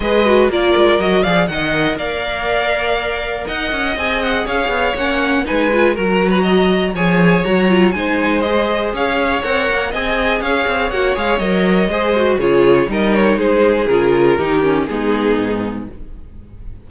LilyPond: <<
  \new Staff \with { instrumentName = "violin" } { \time 4/4 \tempo 4 = 121 dis''4 d''4 dis''8 f''8 fis''4 | f''2. fis''4 | gis''8 fis''8 f''4 fis''4 gis''4 | ais''2 gis''4 ais''4 |
gis''4 dis''4 f''4 fis''4 | gis''4 f''4 fis''8 f''8 dis''4~ | dis''4 cis''4 dis''8 cis''8 c''4 | ais'2 gis'2 | }
  \new Staff \with { instrumentName = "violin" } { \time 4/4 b'4 ais'4. d''8 dis''4 | d''2. dis''4~ | dis''4 cis''2 b'4 | ais'8. b'16 dis''4 cis''2 |
c''2 cis''2 | dis''4 cis''2. | c''4 gis'4 ais'4 gis'4~ | gis'4 g'4 dis'2 | }
  \new Staff \with { instrumentName = "viola" } { \time 4/4 gis'8 fis'8 f'4 fis'8 gis'8 ais'4~ | ais'1 | gis'2 cis'4 dis'8 f'8 | fis'2 gis'4 fis'8 f'8 |
dis'4 gis'2 ais'4 | gis'2 fis'8 gis'8 ais'4 | gis'8 fis'8 f'4 dis'2 | f'4 dis'8 cis'8 b2 | }
  \new Staff \with { instrumentName = "cello" } { \time 4/4 gis4 ais8 gis8 fis8 f8 dis4 | ais2. dis'8 cis'8 | c'4 cis'8 b8 ais4 gis4 | fis2 f4 fis4 |
gis2 cis'4 c'8 ais8 | c'4 cis'8 c'8 ais8 gis8 fis4 | gis4 cis4 g4 gis4 | cis4 dis4 gis4 gis,4 | }
>>